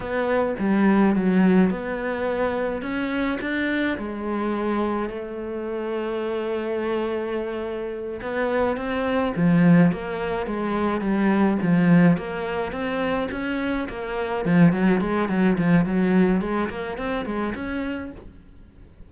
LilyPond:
\new Staff \with { instrumentName = "cello" } { \time 4/4 \tempo 4 = 106 b4 g4 fis4 b4~ | b4 cis'4 d'4 gis4~ | gis4 a2.~ | a2~ a8 b4 c'8~ |
c'8 f4 ais4 gis4 g8~ | g8 f4 ais4 c'4 cis'8~ | cis'8 ais4 f8 fis8 gis8 fis8 f8 | fis4 gis8 ais8 c'8 gis8 cis'4 | }